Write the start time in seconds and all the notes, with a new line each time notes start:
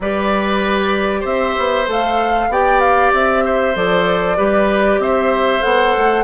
0.00 G3 G4 B4 D5
1.20 C4 C5 E5
1.58 B3
1.86 A3 A4 F5
2.48 B3 G4 D5 G5
2.80 F5
3.13 C4 E5
3.45 C5
3.75 F3 A4 D5
4.36 G3 G4 B4
4.98 C4 C5 E5
5.61 B3 A4 F#5
5.97 A3